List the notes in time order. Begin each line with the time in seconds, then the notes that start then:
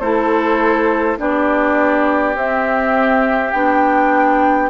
0.00 A3 E4 A4 C5
1.17 B3 D4 G4 D5
2.35 C4 E5
3.51 B3 D4 G5